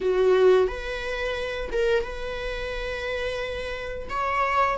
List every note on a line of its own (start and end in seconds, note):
0.00 0.67 F#4
0.67 1.70 B4
1.72 2.03 A#4
2.03 4.08 B4
4.09 4.77 C#5